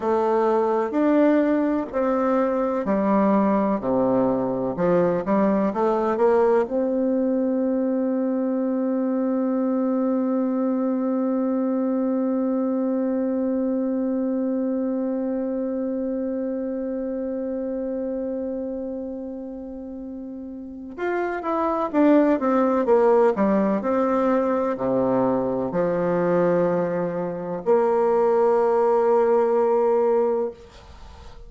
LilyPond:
\new Staff \with { instrumentName = "bassoon" } { \time 4/4 \tempo 4 = 63 a4 d'4 c'4 g4 | c4 f8 g8 a8 ais8 c'4~ | c'1~ | c'1~ |
c'1~ | c'2 f'8 e'8 d'8 c'8 | ais8 g8 c'4 c4 f4~ | f4 ais2. | }